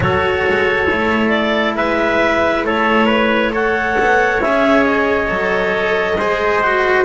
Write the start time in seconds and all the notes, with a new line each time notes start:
0.00 F#3 F#4 A4 C#5
0.48 G#3
0.90 A3 E4
1.29 D5
1.76 G#3 B4 E5
2.64 A3 A4 C#5
3.06 B4
3.51 A4 C#5 F#5
3.99 B3
4.41 C#4 G#4 E5
4.84 D#5
5.27 F#3 A4
6.17 G#3 G#4 C5
6.62 F#4